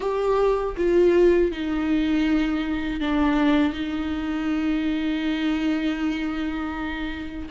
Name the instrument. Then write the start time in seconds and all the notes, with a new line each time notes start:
viola
0.00 G4
0.76 F4
1.51 D#4
3.00 D4
3.73 D#4